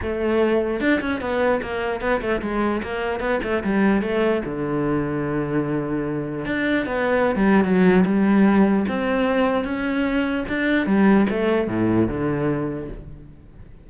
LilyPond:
\new Staff \with { instrumentName = "cello" } { \time 4/4 \tempo 4 = 149 a2 d'8 cis'8 b4 | ais4 b8 a8 gis4 ais4 | b8 a8 g4 a4 d4~ | d1 |
d'4 b4~ b16 g8. fis4 | g2 c'2 | cis'2 d'4 g4 | a4 a,4 d2 | }